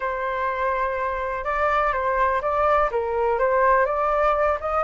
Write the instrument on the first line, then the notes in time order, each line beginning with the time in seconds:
flute
0.00 C5
1.44 D5
1.92 C5
2.41 D5
2.91 A#4
3.38 C5
3.85 D5
4.60 D#5